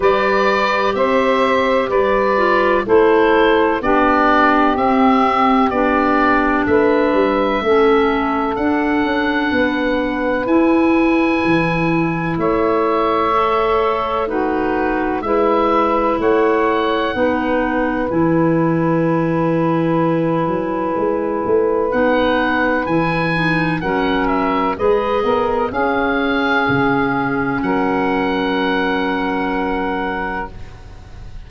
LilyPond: <<
  \new Staff \with { instrumentName = "oboe" } { \time 4/4 \tempo 4 = 63 d''4 e''4 d''4 c''4 | d''4 e''4 d''4 e''4~ | e''4 fis''2 gis''4~ | gis''4 e''2 b'4 |
e''4 fis''2 gis''4~ | gis''2. fis''4 | gis''4 fis''8 e''8 dis''4 f''4~ | f''4 fis''2. | }
  \new Staff \with { instrumentName = "saxophone" } { \time 4/4 b'4 c''4 b'4 a'4 | g'2. b'4 | a'2 b'2~ | b'4 cis''2 fis'4 |
b'4 cis''4 b'2~ | b'1~ | b'4 ais'4 b'8 ais'8 gis'4~ | gis'4 ais'2. | }
  \new Staff \with { instrumentName = "clarinet" } { \time 4/4 g'2~ g'8 f'8 e'4 | d'4 c'4 d'2 | cis'4 d'2 e'4~ | e'2 a'4 dis'4 |
e'2 dis'4 e'4~ | e'2. dis'4 | e'8 dis'8 cis'4 gis'4 cis'4~ | cis'1 | }
  \new Staff \with { instrumentName = "tuba" } { \time 4/4 g4 c'4 g4 a4 | b4 c'4 b4 a8 g8 | a4 d'8 cis'8 b4 e'4 | e4 a2. |
gis4 a4 b4 e4~ | e4. fis8 gis8 a8 b4 | e4 fis4 gis8 b8 cis'4 | cis4 fis2. | }
>>